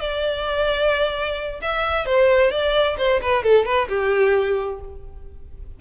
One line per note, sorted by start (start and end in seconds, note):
0.00 1.60 D5
1.62 2.06 E5
2.06 2.51 C5
2.51 2.97 D5
2.98 3.21 C5
3.22 3.44 B4
3.44 3.66 A4
3.66 3.89 B4
3.89 4.80 G4